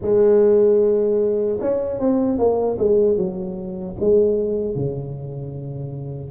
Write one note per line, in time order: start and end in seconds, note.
0.01 1.59 G#3
1.60 1.99 C#4
1.99 2.38 C4
2.38 2.77 A#3
2.78 3.17 G#3
3.17 3.96 F#3
4.00 4.75 G#3
4.75 6.31 C#3